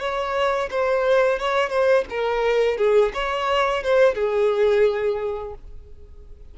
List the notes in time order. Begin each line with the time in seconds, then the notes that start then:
0.00 C#5
0.71 C5
1.40 C#5
1.70 C5
2.10 A#4
2.78 G#4
3.14 C#5
3.84 C5
4.15 G#4